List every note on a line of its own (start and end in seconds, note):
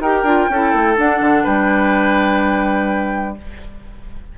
0.00 0.24 D#4
0.00 0.26 G4
0.00 0.50 A#4
0.00 0.98 G5
0.24 0.48 D4
0.24 0.50 F4
0.50 0.74 C#4
0.50 0.97 E4
0.50 1.44 A4
0.74 0.98 A3
0.97 3.37 D4
0.97 1.21 D4
0.97 1.46 F#5
1.21 1.45 D3
1.44 3.38 G3
1.44 3.36 B4
1.44 3.38 G5